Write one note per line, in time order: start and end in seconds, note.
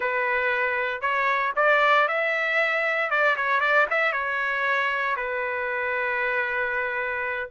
0.00 1.01 B4
1.01 1.53 C#5
1.56 2.07 D5
2.08 3.10 E5
3.10 3.36 D5
3.36 3.60 C#5
3.60 3.86 D5
3.90 4.12 E5
4.12 5.16 C#5
5.16 7.49 B4